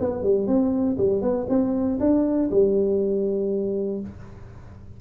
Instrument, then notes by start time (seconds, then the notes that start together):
tuba
0.00 B3
0.23 G3
0.47 C4
0.97 G3
1.22 B3
1.49 C4
2.00 D4
2.51 G3